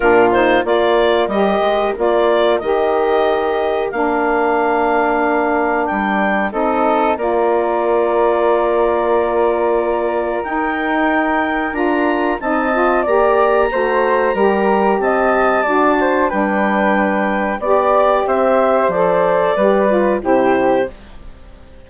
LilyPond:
<<
  \new Staff \with { instrumentName = "clarinet" } { \time 4/4 \tempo 4 = 92 ais'8 c''8 d''4 dis''4 d''4 | dis''2 f''2~ | f''4 g''4 dis''4 d''4~ | d''1 |
g''2 ais''4 a''4 | ais''2. a''4~ | a''4 g''2 d''4 | e''4 d''2 c''4 | }
  \new Staff \with { instrumentName = "flute" } { \time 4/4 f'4 ais'2.~ | ais'1~ | ais'2 a'4 ais'4~ | ais'1~ |
ais'2. dis''4 | d''4 c''4 ais'4 dis''4 | d''8 c''8 b'2 d''4 | c''2 b'4 g'4 | }
  \new Staff \with { instrumentName = "saxophone" } { \time 4/4 d'8 dis'8 f'4 g'4 f'4 | g'2 d'2~ | d'2 dis'4 f'4~ | f'1 |
dis'2 f'4 dis'8 f'8 | g'4 fis'4 g'2 | fis'4 d'2 g'4~ | g'4 a'4 g'8 f'8 e'4 | }
  \new Staff \with { instrumentName = "bassoon" } { \time 4/4 ais,4 ais4 g8 gis8 ais4 | dis2 ais2~ | ais4 g4 c'4 ais4~ | ais1 |
dis'2 d'4 c'4 | ais4 a4 g4 c'4 | d'4 g2 b4 | c'4 f4 g4 c4 | }
>>